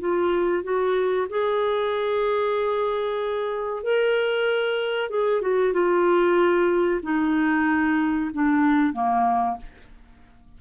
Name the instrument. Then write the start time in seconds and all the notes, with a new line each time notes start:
clarinet
0.00 F4
0.63 F#4
1.30 G#4
3.83 A#4
5.10 G#4
5.42 F#4
5.73 F4
7.03 D#4
8.34 D4
8.93 A#3